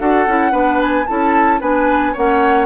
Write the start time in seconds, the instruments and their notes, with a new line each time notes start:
0.00 bassoon D4, clarinet F#4, oboe A4, flute F#5
0.27 bassoon C#4, clarinet E4
0.51 bassoon B3, clarinet D4, oboe B4
0.82 flute G#5
1.07 bassoon C#4, clarinet E4, oboe A4, flute A5
1.61 bassoon B3, clarinet D4, oboe B4, flute G#5
2.13 bassoon A#3, clarinet C#4, oboe C#5, flute F#5